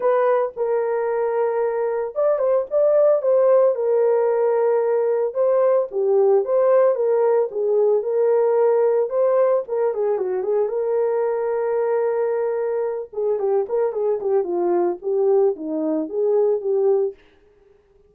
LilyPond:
\new Staff \with { instrumentName = "horn" } { \time 4/4 \tempo 4 = 112 b'4 ais'2. | d''8 c''8 d''4 c''4 ais'4~ | ais'2 c''4 g'4 | c''4 ais'4 gis'4 ais'4~ |
ais'4 c''4 ais'8 gis'8 fis'8 gis'8 | ais'1~ | ais'8 gis'8 g'8 ais'8 gis'8 g'8 f'4 | g'4 dis'4 gis'4 g'4 | }